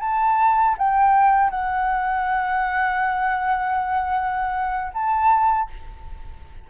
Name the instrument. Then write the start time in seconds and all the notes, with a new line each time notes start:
flute
0.00 A5
0.78 G5
1.51 F#5
4.94 A5